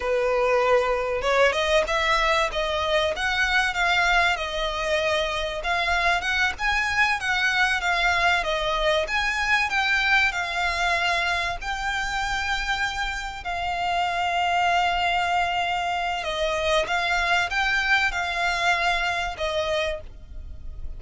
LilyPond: \new Staff \with { instrumentName = "violin" } { \time 4/4 \tempo 4 = 96 b'2 cis''8 dis''8 e''4 | dis''4 fis''4 f''4 dis''4~ | dis''4 f''4 fis''8 gis''4 fis''8~ | fis''8 f''4 dis''4 gis''4 g''8~ |
g''8 f''2 g''4.~ | g''4. f''2~ f''8~ | f''2 dis''4 f''4 | g''4 f''2 dis''4 | }